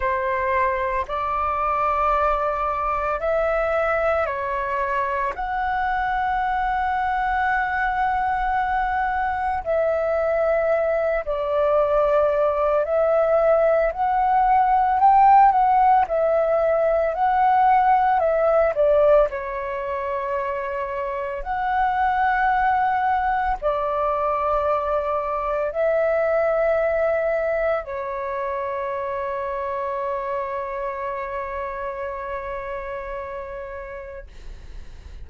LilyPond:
\new Staff \with { instrumentName = "flute" } { \time 4/4 \tempo 4 = 56 c''4 d''2 e''4 | cis''4 fis''2.~ | fis''4 e''4. d''4. | e''4 fis''4 g''8 fis''8 e''4 |
fis''4 e''8 d''8 cis''2 | fis''2 d''2 | e''2 cis''2~ | cis''1 | }